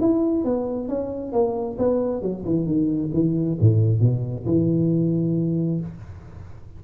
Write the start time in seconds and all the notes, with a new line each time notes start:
0.00 E4
0.44 B3
0.88 C#4
1.32 A#3
1.78 B3
2.21 F#3
2.45 E3
2.66 D#3
3.13 E3
3.60 A2
4.00 B2
4.46 E3